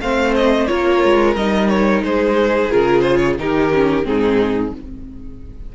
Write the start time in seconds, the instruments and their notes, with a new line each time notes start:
0.00 cello A3, viola C4, violin C5 F5
0.35 violin D#5
0.66 cello A#3, viola F4, violin A#4 C#5
1.04 cello G#3
1.35 cello G3, viola D#4, violin D#5
1.68 violin C#5
2.02 cello G#3, violin G#4 C5
2.71 cello C#3, viola F4, violin A#4
3.01 violin C5
3.17 violin C#5
3.38 cello D#3, viola D#4, violin G4 A#4
3.73 viola C#4
4.03 cello G#2, viola C4, violin D#4 G#4